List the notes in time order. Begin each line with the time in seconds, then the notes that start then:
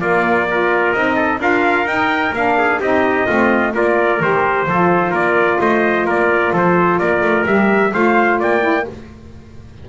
0.00 A#3 F4 D5
0.50 F4 A#4
0.92 C4 D#4 D#5
1.16 A4
1.39 D4 F4 A#4 F5
1.85 D#4 G5
2.33 A#3 D4 F5
2.58 G#4
2.80 C4 D#4 G4 D#5
3.27 A3 C4 F4
3.72 A#3 F4 A#4 D5
4.20 D#3 G4 C5
4.67 F3 F4 A4
5.10 A#3 A#4 D5
5.60 A3 C5 D#5
6.05 A#3 A#4 D5
6.53 F3 A4 C5
6.98 A#3 A#4 D5
7.21 A3
7.46 G3 G4 E5
7.92 A3 F4 C5 F5
8.39 A#3 D5 G5
8.60 E4